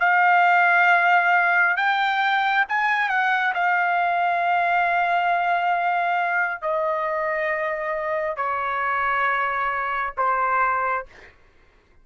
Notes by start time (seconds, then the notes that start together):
0.00 F5
1.76 G5
2.69 G#5
3.09 F#5
3.54 F5
6.62 D#5
8.37 C#5
10.18 C5